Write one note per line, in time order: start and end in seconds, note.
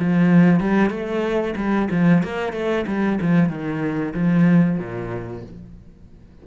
0.00 0.60 F3
0.60 0.90 G3
0.90 1.55 A3
1.56 1.89 G3
1.91 2.23 F3
2.23 2.53 A#3
2.53 2.85 A3
2.87 3.19 G3
3.21 3.49 F3
3.49 4.14 D#3
4.14 4.79 F3
4.79 5.43 A#2